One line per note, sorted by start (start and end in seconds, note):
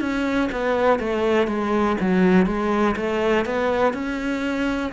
0.00 0.49 C#4
0.52 0.99 B3
0.99 1.47 A3
1.47 1.96 G#3
2.00 2.46 F#3
2.46 2.96 G#3
2.96 3.45 A3
3.45 3.93 B3
3.93 4.92 C#4